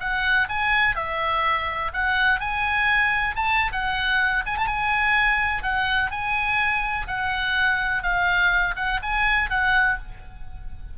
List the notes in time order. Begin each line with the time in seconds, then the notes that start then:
0.00 F#5
0.49 G#5
0.95 E5
1.93 F#5
2.40 G#5
3.36 A5
3.72 F#5
4.46 G#5
4.57 A5
4.67 G#5
5.63 F#5
6.11 G#5
7.07 F#5
8.03 F5
8.76 F#5
9.02 G#5
9.50 F#5